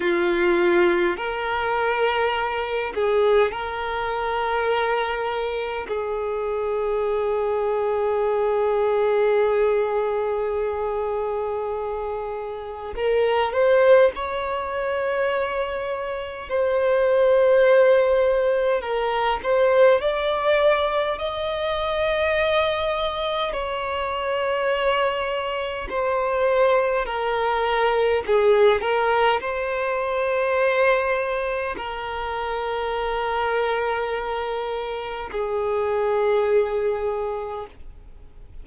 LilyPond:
\new Staff \with { instrumentName = "violin" } { \time 4/4 \tempo 4 = 51 f'4 ais'4. gis'8 ais'4~ | ais'4 gis'2.~ | gis'2. ais'8 c''8 | cis''2 c''2 |
ais'8 c''8 d''4 dis''2 | cis''2 c''4 ais'4 | gis'8 ais'8 c''2 ais'4~ | ais'2 gis'2 | }